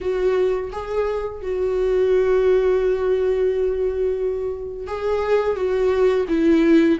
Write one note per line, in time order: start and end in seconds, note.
0.00 0.70 F#4
0.72 1.41 G#4
1.42 4.87 F#4
4.87 5.56 G#4
5.56 6.25 F#4
6.28 6.98 E4